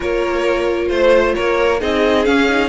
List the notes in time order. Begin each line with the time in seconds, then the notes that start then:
0.00 A#3 F4 A#4 C#5
0.88 A3 C5
1.35 A#3 A#4 C#5
1.80 C4 D#4 G#4 D#5
2.25 C#4 F5
2.49 D#4